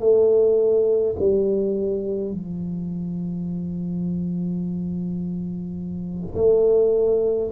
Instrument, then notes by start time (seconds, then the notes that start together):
tuba
0.00 A3
1.20 G3
2.32 F3
6.35 A3